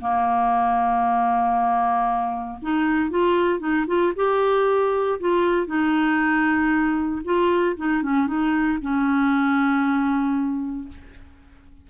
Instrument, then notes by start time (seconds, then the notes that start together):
clarinet
0.00 A#3
2.61 D#4
3.10 F4
3.59 D#4
3.87 F4
4.15 G4
5.19 F4
5.66 D#4
7.24 F4
7.76 D#4
8.02 C#4
8.27 D#4
8.81 C#4